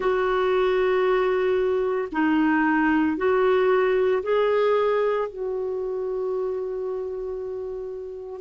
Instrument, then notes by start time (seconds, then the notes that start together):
clarinet
0.00 F#4
2.11 D#4
3.17 F#4
4.22 G#4
5.28 F#4